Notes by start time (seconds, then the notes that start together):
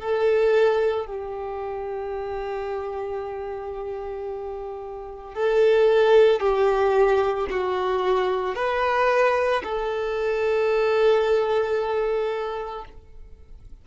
0.00 A4
1.06 G4
5.35 A4
6.40 G4
7.50 F#4
8.56 B4
9.64 A4